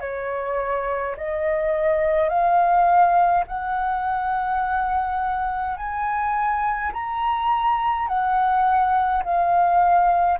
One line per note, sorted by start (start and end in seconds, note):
0.00 1.15 C#5
1.17 2.29 D#5
2.29 3.44 F5
3.47 5.77 F#5
5.77 6.92 G#5
6.93 8.08 A#5
8.08 9.23 F#5
9.24 10.39 F5